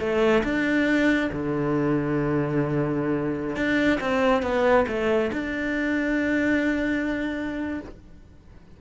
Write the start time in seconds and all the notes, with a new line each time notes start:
0.00 A3
0.44 D4
1.33 D3
3.56 D4
4.01 C4
4.43 B3
4.89 A3
5.33 D4